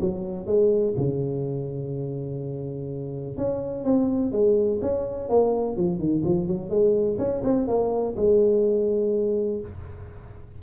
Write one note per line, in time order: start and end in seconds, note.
0.00 0.46 F#3
0.46 0.94 G#3
0.97 3.37 C#3
3.37 3.84 C#4
3.84 4.32 C4
4.32 4.80 G#3
4.81 5.29 C#4
5.29 5.76 A#3
5.76 5.99 F3
5.99 6.23 D#3
6.24 6.47 F3
6.47 6.69 F#3
6.69 7.17 G#3
7.18 7.42 C#4
7.43 7.67 C4
7.67 8.15 A#3
8.16 9.60 G#3